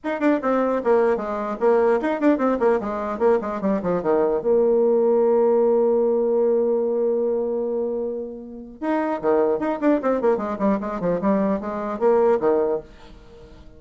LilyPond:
\new Staff \with { instrumentName = "bassoon" } { \time 4/4 \tempo 4 = 150 dis'8 d'8 c'4 ais4 gis4 | ais4 dis'8 d'8 c'8 ais8 gis4 | ais8 gis8 g8 f8 dis4 ais4~ | ais1~ |
ais1~ | ais2 dis'4 dis4 | dis'8 d'8 c'8 ais8 gis8 g8 gis8 f8 | g4 gis4 ais4 dis4 | }